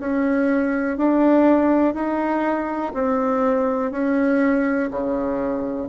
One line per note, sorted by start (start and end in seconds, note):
0.00 0.98 C#4
0.98 1.94 D4
1.94 2.93 D#4
2.94 3.92 C4
3.92 4.90 C#4
4.91 5.89 C#3